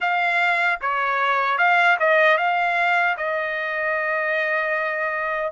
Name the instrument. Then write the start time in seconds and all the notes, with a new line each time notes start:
trumpet
0.00 F5
0.81 C#5
1.58 F5
1.99 D#5
2.37 F5
3.17 D#5